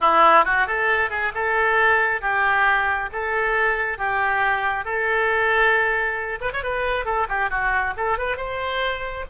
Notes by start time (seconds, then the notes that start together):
0.00 E4
0.44 F#4
0.67 A4
1.10 G#4
1.34 A4
2.21 G4
3.12 A4
3.97 G4
4.84 A4
6.41 B4
6.52 C#5
6.63 B4
7.05 A4
7.28 G4
7.50 F#4
7.97 A4
8.18 B4
8.36 C5